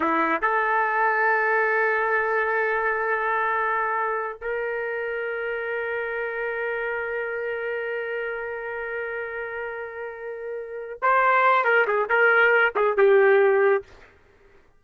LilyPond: \new Staff \with { instrumentName = "trumpet" } { \time 4/4 \tempo 4 = 139 e'4 a'2.~ | a'1~ | a'2~ a'16 ais'4.~ ais'16~ | ais'1~ |
ais'1~ | ais'1~ | ais'4. c''4. ais'8 gis'8 | ais'4. gis'8 g'2 | }